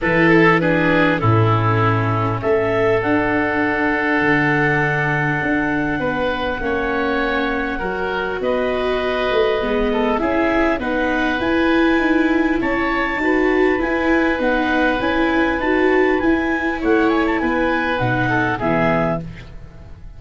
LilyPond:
<<
  \new Staff \with { instrumentName = "clarinet" } { \time 4/4 \tempo 4 = 100 b'8 a'8 b'4 a'2 | e''4 fis''2.~ | fis''1~ | fis''2 dis''2~ |
dis''4 e''4 fis''4 gis''4~ | gis''4 a''2 gis''4 | fis''4 gis''4 a''4 gis''4 | fis''8 gis''16 a''16 gis''4 fis''4 e''4 | }
  \new Staff \with { instrumentName = "oboe" } { \time 4/4 a'4 gis'4 e'2 | a'1~ | a'2 b'4 cis''4~ | cis''4 ais'4 b'2~ |
b'8 a'8 gis'4 b'2~ | b'4 cis''4 b'2~ | b'1 | cis''4 b'4. a'8 gis'4 | }
  \new Staff \with { instrumentName = "viola" } { \time 4/4 e'4 d'4 cis'2~ | cis'4 d'2.~ | d'2. cis'4~ | cis'4 fis'2. |
b4 e'4 dis'4 e'4~ | e'2 fis'4 e'4 | dis'4 e'4 fis'4 e'4~ | e'2 dis'4 b4 | }
  \new Staff \with { instrumentName = "tuba" } { \time 4/4 e2 a,2 | a4 d'2 d4~ | d4 d'4 b4 ais4~ | ais4 fis4 b4. a8 |
gis4 cis'4 b4 e'4 | dis'4 cis'4 dis'4 e'4 | b4 cis'4 dis'4 e'4 | a4 b4 b,4 e4 | }
>>